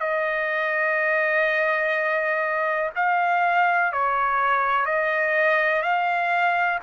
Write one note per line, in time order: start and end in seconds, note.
0.00 2.90 D#5
2.96 3.92 F5
3.93 4.86 C#5
4.86 5.83 D#5
5.83 6.80 F5